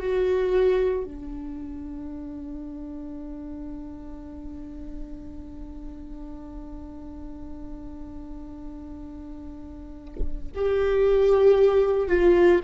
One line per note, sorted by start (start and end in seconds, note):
0.00 1.05 F#4
1.05 10.52 D4
10.56 12.08 G4
12.08 12.61 F4